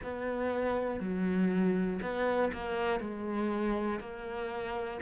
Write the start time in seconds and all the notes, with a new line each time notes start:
0.03 B3
1.00 F#3
2.01 B3
2.53 A#3
3.00 G#3
4.00 A#3